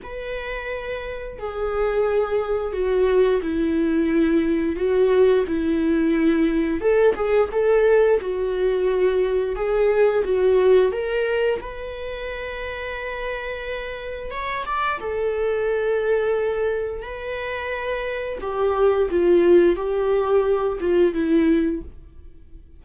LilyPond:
\new Staff \with { instrumentName = "viola" } { \time 4/4 \tempo 4 = 88 b'2 gis'2 | fis'4 e'2 fis'4 | e'2 a'8 gis'8 a'4 | fis'2 gis'4 fis'4 |
ais'4 b'2.~ | b'4 cis''8 d''8 a'2~ | a'4 b'2 g'4 | f'4 g'4. f'8 e'4 | }